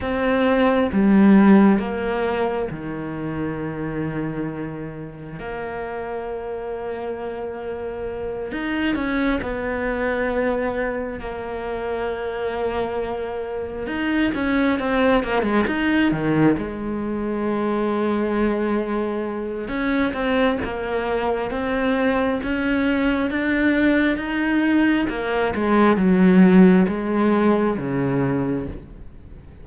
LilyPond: \new Staff \with { instrumentName = "cello" } { \time 4/4 \tempo 4 = 67 c'4 g4 ais4 dis4~ | dis2 ais2~ | ais4. dis'8 cis'8 b4.~ | b8 ais2. dis'8 |
cis'8 c'8 ais16 gis16 dis'8 dis8 gis4.~ | gis2 cis'8 c'8 ais4 | c'4 cis'4 d'4 dis'4 | ais8 gis8 fis4 gis4 cis4 | }